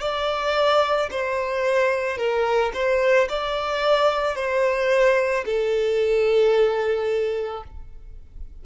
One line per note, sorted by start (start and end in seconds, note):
0.00 1.09 D5
1.11 2.17 C5
2.17 2.72 A#4
2.74 3.28 C5
3.29 4.35 D5
4.35 5.44 C5
5.45 7.63 A4